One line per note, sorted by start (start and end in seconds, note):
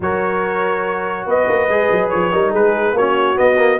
0.00 1.25 F#3
0.00 1.69 F#4
0.00 1.26 A#4
0.00 1.28 C#5
1.25 1.47 B3
1.25 2.32 B4
1.25 2.09 D#5
1.47 1.68 A#3
1.68 1.89 G#3
1.68 2.31 G#4
1.91 2.12 F#3
2.09 2.33 F3
2.09 2.51 C#5
2.31 2.54 G3
2.31 2.95 D#4
2.31 2.50 A#4
2.50 2.92 G#3
2.50 2.92 G#4
2.50 2.97 B4
2.92 3.35 A#3
2.92 3.35 C#4
2.92 3.79 F#4
2.92 3.37 C#5
3.35 3.56 B3
3.35 3.79 B3
3.35 3.79 D#5
3.57 3.78 A#3